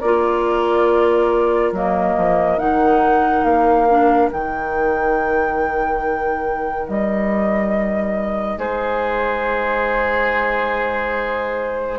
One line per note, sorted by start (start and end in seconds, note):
0.00 1.72 A#3
0.00 1.75 F4
0.00 8.57 A#4
0.00 1.72 D5
1.72 2.15 F#3
1.72 2.58 A#3
1.72 2.59 D#5
2.17 2.59 F3
2.58 3.44 D#3
2.58 3.87 D#4
2.58 3.44 F#5
3.44 4.29 A#3
3.44 4.30 F5
3.90 4.32 D4
4.32 6.88 D#3
4.32 11.99 D#4
4.32 6.88 G5
6.88 8.57 G3
6.88 8.59 D#5
8.57 11.99 G#3
8.57 11.99 G#4
8.57 11.99 C5